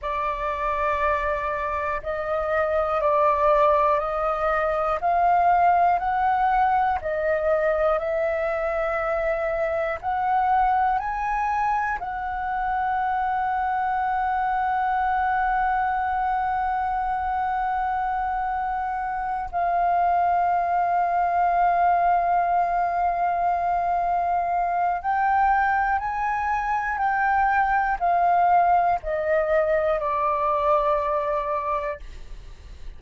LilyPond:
\new Staff \with { instrumentName = "flute" } { \time 4/4 \tempo 4 = 60 d''2 dis''4 d''4 | dis''4 f''4 fis''4 dis''4 | e''2 fis''4 gis''4 | fis''1~ |
fis''2.~ fis''8 f''8~ | f''1~ | f''4 g''4 gis''4 g''4 | f''4 dis''4 d''2 | }